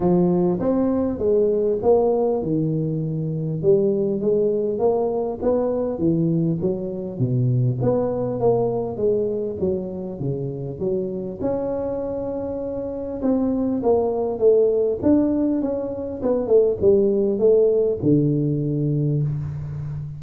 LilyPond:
\new Staff \with { instrumentName = "tuba" } { \time 4/4 \tempo 4 = 100 f4 c'4 gis4 ais4 | dis2 g4 gis4 | ais4 b4 e4 fis4 | b,4 b4 ais4 gis4 |
fis4 cis4 fis4 cis'4~ | cis'2 c'4 ais4 | a4 d'4 cis'4 b8 a8 | g4 a4 d2 | }